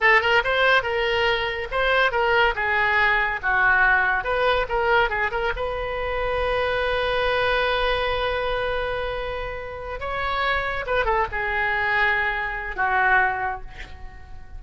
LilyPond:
\new Staff \with { instrumentName = "oboe" } { \time 4/4 \tempo 4 = 141 a'8 ais'8 c''4 ais'2 | c''4 ais'4 gis'2 | fis'2 b'4 ais'4 | gis'8 ais'8 b'2.~ |
b'1~ | b'2.~ b'8 cis''8~ | cis''4. b'8 a'8 gis'4.~ | gis'2 fis'2 | }